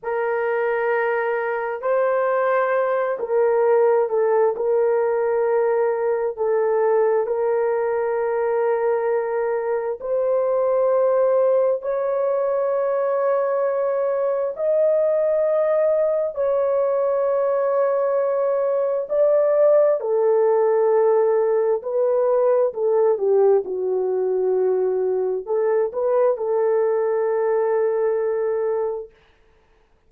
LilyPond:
\new Staff \with { instrumentName = "horn" } { \time 4/4 \tempo 4 = 66 ais'2 c''4. ais'8~ | ais'8 a'8 ais'2 a'4 | ais'2. c''4~ | c''4 cis''2. |
dis''2 cis''2~ | cis''4 d''4 a'2 | b'4 a'8 g'8 fis'2 | a'8 b'8 a'2. | }